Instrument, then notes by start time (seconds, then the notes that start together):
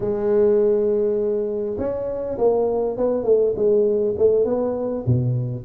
tuba
0.00 G#3
1.78 C#4
2.38 A#3
2.97 B3
3.23 A3
3.56 G#3
4.17 A3
4.44 B3
5.06 B2